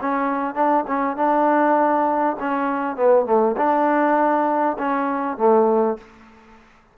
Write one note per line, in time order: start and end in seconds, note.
0.00 0.54 C#4
0.54 0.84 D4
0.87 1.16 C#4
1.16 2.36 D4
2.39 2.96 C#4
2.96 3.25 B3
3.25 3.55 A3
3.56 4.76 D4
4.78 5.37 C#4
5.37 5.97 A3